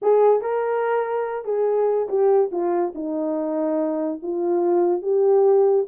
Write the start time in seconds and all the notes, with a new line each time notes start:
0.02 G#4
0.41 A#4
1.45 G#4
2.09 G4
2.51 F4
2.94 D#4
4.22 F4
5.02 G4